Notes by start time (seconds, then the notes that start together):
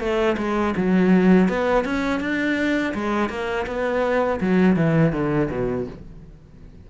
0.00 A3
0.38 G#3
0.77 F#3
1.49 B3
1.85 C#4
2.21 D4
2.94 G#3
3.29 A#3
3.67 B3
4.41 F#3
4.76 E3
5.13 D3
5.50 B2